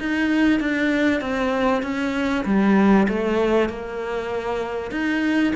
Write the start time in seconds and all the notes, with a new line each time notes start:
0.00 D#4
0.60 D4
1.21 C4
1.83 C#4
2.46 G3
3.09 A3
3.70 A#3
4.92 D#4